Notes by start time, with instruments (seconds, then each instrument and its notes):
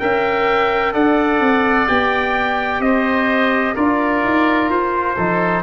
0.00 tuba C#4, trombone A#4, oboe E5, trumpet G5
0.94 tuba D4, trombone A4, oboe D5, trumpet F#5
1.40 tuba C4
1.88 tuba B3, trombone G4, trumpet G5
2.80 tuba C4, oboe C5, trumpet D#5
3.75 tuba D4, trombone F4, oboe A#4, trumpet D5
4.25 tuba D#4
4.69 tuba F4, trumpet C5
5.16 tuba F3, trombone D#4, oboe A4